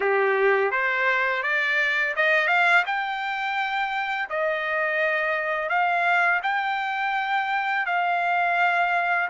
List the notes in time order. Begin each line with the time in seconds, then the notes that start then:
0.00 G4
0.71 C5
1.43 D5
2.16 D#5
2.47 F5
2.85 G5
4.29 D#5
5.69 F5
6.43 G5
7.86 F5